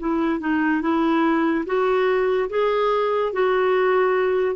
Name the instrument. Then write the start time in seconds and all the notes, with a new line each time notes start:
clarinet
0.00 E4
0.41 D#4
0.82 E4
1.66 F#4
2.50 G#4
3.33 F#4